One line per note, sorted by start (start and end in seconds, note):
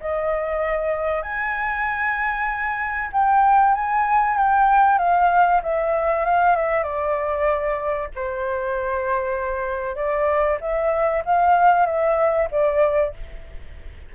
0.00 1.22 D#5
1.22 3.10 G#5
3.12 3.74 G5
3.74 4.37 G#5
4.37 4.98 G5
4.98 5.61 F5
5.62 6.25 E5
6.25 6.56 F5
6.56 6.83 E5
6.83 8.08 D5
8.15 9.95 C5
9.95 10.58 D5
10.61 11.23 E5
11.25 11.86 F5
11.86 12.48 E5
12.51 13.13 D5